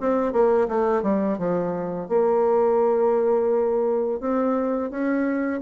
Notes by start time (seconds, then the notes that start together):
0.00 C4
0.32 A#3
0.68 A3
1.02 G3
1.38 F3
2.08 A#3
4.20 C4
4.90 C#4